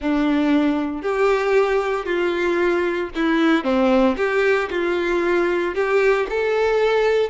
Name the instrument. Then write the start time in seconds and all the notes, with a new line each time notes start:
violin
0.00 D4
1.02 G4
2.05 F4
3.15 E4
3.64 C4
4.16 G4
4.70 F4
5.74 G4
6.29 A4